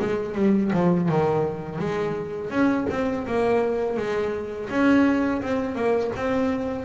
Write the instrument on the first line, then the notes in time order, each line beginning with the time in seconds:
double bass
0.00 G#3
0.35 G3
0.73 F3
1.09 D#3
1.79 G#3
2.50 C#4
2.90 C4
3.27 A#3
3.97 G#3
4.70 C#4
5.42 C4
5.75 A#3
6.16 C4